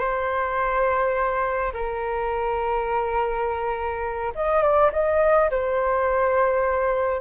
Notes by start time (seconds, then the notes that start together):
0.00 C5
1.74 A#4
4.36 D#5
4.63 D5
4.93 D#5
5.51 C5